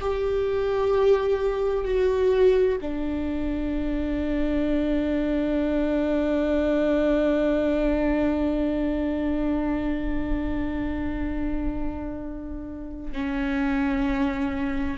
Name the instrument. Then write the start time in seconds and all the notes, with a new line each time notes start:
viola
0.00 G4
1.85 F#4
2.81 D4
13.12 C#4